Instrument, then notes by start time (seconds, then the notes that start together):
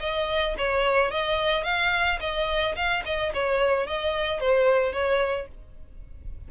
violin
0.00 D#5
0.58 C#5
1.11 D#5
1.64 F5
2.20 D#5
2.76 F5
3.05 D#5
3.34 C#5
3.87 D#5
4.40 C5
4.93 C#5